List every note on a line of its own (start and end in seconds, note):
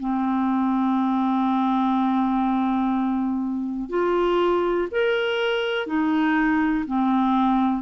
0.00 3.90 C4
3.90 4.88 F4
4.91 5.87 A#4
5.87 6.85 D#4
6.86 7.82 C4